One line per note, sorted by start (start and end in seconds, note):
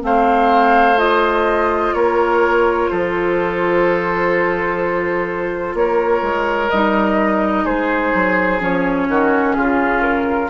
0.00 1.93 A3
0.00 0.95 C4
0.00 1.95 C5
0.00 0.99 F5
0.97 6.68 F4
0.97 1.94 D#5
1.93 2.88 A#3
1.93 2.90 A#4
1.93 2.89 C#5
2.89 5.74 F3
2.89 5.76 A4
2.89 5.75 C5
5.74 6.21 A#3
5.74 7.64 A#4
5.74 6.70 C#5
6.21 6.69 G#3
6.70 7.65 G3
6.70 8.59 D#4
6.70 7.65 D#5
7.64 8.12 G#3
7.64 9.07 G#4
7.64 8.61 C5
8.13 8.60 F#3
8.59 9.08 F3
8.59 10.49 C#4
8.59 9.53 C#5
9.08 9.56 D#3
9.08 9.56 F#4
9.53 10.50 C#3
9.53 10.50 F4
9.53 10.01 G#4
10.01 10.49 A#4